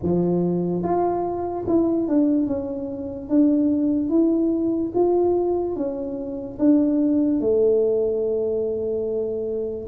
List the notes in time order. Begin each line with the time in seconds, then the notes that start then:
0.02 F3
0.82 F4
1.67 E4
2.08 D4
2.47 C#4
3.29 D4
4.09 E4
4.94 F4
5.75 C#4
6.58 D4
7.40 A3